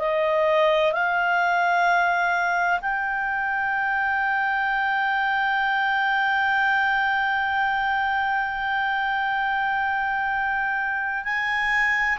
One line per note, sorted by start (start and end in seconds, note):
0.00 0.93 D#5
0.93 2.80 F5
2.82 11.25 G5
11.25 12.19 G#5